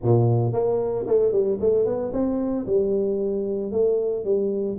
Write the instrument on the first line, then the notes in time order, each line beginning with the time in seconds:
tuba
0.02 A#2
0.52 A#3
1.06 A3
1.31 G3
1.60 A3
1.85 B3
2.12 C4
2.66 G3
3.71 A3
4.24 G3